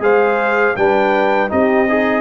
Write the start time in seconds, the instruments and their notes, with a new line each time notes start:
0.00 tuba G#3, trombone G#4, horn C5, trumpet F5
0.76 tuba G3, trombone D4, horn B4, trumpet G5
1.48 tuba C4, trombone D#4, horn G4, trumpet D#5
1.88 horn D#4, trombone G#4